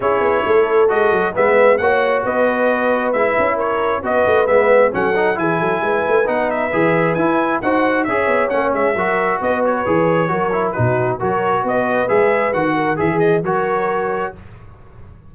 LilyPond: <<
  \new Staff \with { instrumentName = "trumpet" } { \time 4/4 \tempo 4 = 134 cis''2 dis''4 e''4 | fis''4 dis''2 e''4 | cis''4 dis''4 e''4 fis''4 | gis''2 fis''8 e''4. |
gis''4 fis''4 e''4 fis''8 e''8~ | e''4 dis''8 cis''2~ cis''8 | b'4 cis''4 dis''4 e''4 | fis''4 e''8 dis''8 cis''2 | }
  \new Staff \with { instrumentName = "horn" } { \time 4/4 gis'4 a'2 b'4 | cis''4 b'2. | ais'4 b'2 a'4 | gis'8 a'8 b'2.~ |
b'4 c''4 cis''2 | ais'4 b'2 ais'4 | fis'4 ais'4 b'2~ | b'8 ais'8 gis'4 ais'2 | }
  \new Staff \with { instrumentName = "trombone" } { \time 4/4 e'2 fis'4 b4 | fis'2. e'4~ | e'4 fis'4 b4 cis'8 dis'8 | e'2 dis'4 gis'4 |
e'4 fis'4 gis'4 cis'4 | fis'2 gis'4 fis'8 e'8 | dis'4 fis'2 gis'4 | fis'4 gis'4 fis'2 | }
  \new Staff \with { instrumentName = "tuba" } { \time 4/4 cis'8 b8 a4 gis8 fis8 gis4 | ais4 b2 gis8 cis'8~ | cis'4 b8 a8 gis4 fis4 | e8 fis8 gis8 a8 b4 e4 |
e'4 dis'4 cis'8 b8 ais8 gis8 | fis4 b4 e4 fis4 | b,4 fis4 b4 gis4 | dis4 e4 fis2 | }
>>